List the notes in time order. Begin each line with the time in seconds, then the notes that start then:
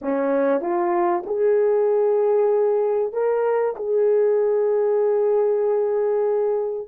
0.01 C#4
0.61 F4
1.26 G#4
3.12 A#4
3.76 G#4